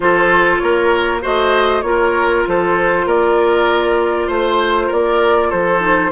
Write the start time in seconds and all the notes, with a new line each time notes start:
0.00 F3 F4 A4 C5
0.58 A#3 A#4 C#5
1.21 A3 F#4 C5 D#5
1.81 A#3 F4 C#5
1.88 A#4
2.47 F3 A4 C5
3.05 A#3 A#4 D5
4.27 A3 C5
4.86 A#3 A#4 D5
5.50 F3 A4 C5
5.80 D#4